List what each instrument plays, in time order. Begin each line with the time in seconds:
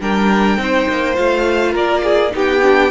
0.00 cello G3, viola D4, violin A#4 G5
0.57 cello C4, viola D#4, violin C5
0.89 cello A#3
1.13 cello A3, viola F4, violin F5
1.72 cello A#3, violin A#4 D5
2.03 violin G#4
2.30 cello B3, viola D#4, violin G4
2.38 violin G5
2.62 viola D4